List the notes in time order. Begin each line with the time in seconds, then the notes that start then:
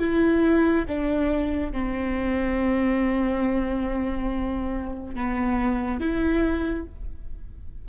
0.00 E4
0.88 D4
1.73 C4
5.15 B3
6.00 E4